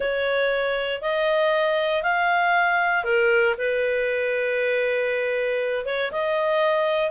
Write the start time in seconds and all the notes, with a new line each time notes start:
0.00 C#5
1.01 D#5
2.02 F5
3.03 A#4
3.57 B4
5.85 C#5
6.11 D#5